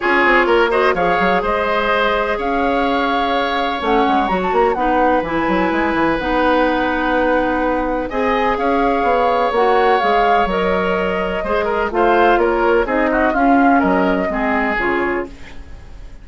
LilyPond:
<<
  \new Staff \with { instrumentName = "flute" } { \time 4/4 \tempo 4 = 126 cis''4. dis''8 f''4 dis''4~ | dis''4 f''2. | fis''4 ais''16 a''16 ais''8 fis''4 gis''4~ | gis''4 fis''2.~ |
fis''4 gis''4 f''2 | fis''4 f''4 dis''2~ | dis''4 f''4 cis''4 dis''4 | f''4 dis''2 cis''4 | }
  \new Staff \with { instrumentName = "oboe" } { \time 4/4 gis'4 ais'8 c''8 cis''4 c''4~ | c''4 cis''2.~ | cis''2 b'2~ | b'1~ |
b'4 dis''4 cis''2~ | cis''1 | c''8 ais'8 c''4 ais'4 gis'8 fis'8 | f'4 ais'4 gis'2 | }
  \new Staff \with { instrumentName = "clarinet" } { \time 4/4 f'4. fis'8 gis'2~ | gis'1 | cis'4 fis'4 dis'4 e'4~ | e'4 dis'2.~ |
dis'4 gis'2. | fis'4 gis'4 ais'2 | gis'4 f'2 dis'4 | cis'2 c'4 f'4 | }
  \new Staff \with { instrumentName = "bassoon" } { \time 4/4 cis'8 c'8 ais4 f8 fis8 gis4~ | gis4 cis'2. | a8 gis8 fis8 ais8 b4 e8 fis8 | gis8 e8 b2.~ |
b4 c'4 cis'4 b4 | ais4 gis4 fis2 | gis4 a4 ais4 c'4 | cis'4 fis4 gis4 cis4 | }
>>